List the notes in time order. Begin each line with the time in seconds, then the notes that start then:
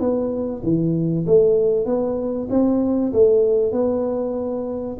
0.00 B3
0.63 E3
1.26 A3
1.85 B3
2.50 C4
3.13 A3
3.72 B3